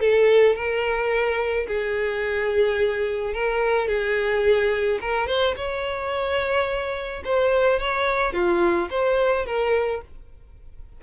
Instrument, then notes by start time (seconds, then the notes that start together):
violin
0.00 A4
0.56 A#4
1.68 G#4
3.34 A#4
3.88 G#4
5.01 A#4
5.27 C5
5.57 C#5
7.25 C5
7.80 C#5
8.33 F4
8.91 C5
9.46 A#4